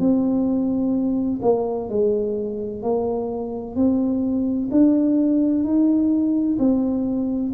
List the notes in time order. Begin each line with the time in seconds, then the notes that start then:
0.00 C4
1.43 A#3
1.90 G#3
2.83 A#3
3.76 C4
4.72 D4
5.64 D#4
6.59 C4